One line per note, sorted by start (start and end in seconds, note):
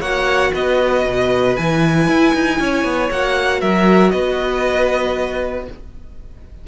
0.00 0.51 A#3
0.00 1.58 F#4
0.00 0.51 C#5
0.00 0.53 F#5
0.52 1.05 B3
0.52 2.57 B4
0.52 1.57 D#5
1.06 1.57 B2
1.57 2.08 E3
1.57 3.11 E4
1.57 3.10 G#5
2.08 2.34 E4
2.34 2.60 D#4
2.60 2.84 C#4
2.60 3.61 C#5
2.84 3.10 B3
3.11 3.62 A#3
3.11 5.67 F#4
3.11 3.61 F#5
3.61 4.13 F#3
3.61 4.12 A#4
3.61 4.11 E5
4.11 5.68 B3
4.11 5.67 B4
4.11 5.65 D#5